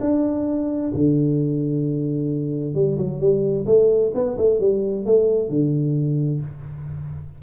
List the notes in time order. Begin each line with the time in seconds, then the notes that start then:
0.00 D4
0.93 D3
2.74 G3
2.97 F#3
3.20 G3
3.66 A3
4.14 B3
4.37 A3
4.59 G3
5.05 A3
5.49 D3